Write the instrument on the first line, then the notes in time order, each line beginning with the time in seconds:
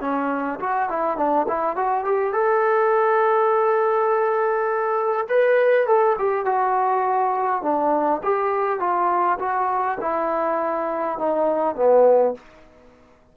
trombone
0.00 C#4
0.59 F#4
0.89 E4
1.17 D4
1.48 E4
1.76 F#4
2.04 G4
2.32 A4
5.29 B4
5.87 A4
6.18 G4
6.45 F#4
7.62 D4
8.23 G4
8.79 F4
9.39 F#4
10.01 E4
11.18 D#4
11.75 B3